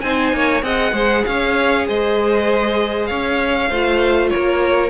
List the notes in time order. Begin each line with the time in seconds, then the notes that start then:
0.00 C4 D#4 C5 G#5
0.33 A#3 C#5
0.62 C4 G#4 D#5 F#5
0.92 G#3 C5
1.25 C#4 C#5 F5
1.87 G#3 C5 D#5
3.06 C#4 C#5 F5
3.69 A3 F4 C5
4.29 A#4 C#5
4.35 A#3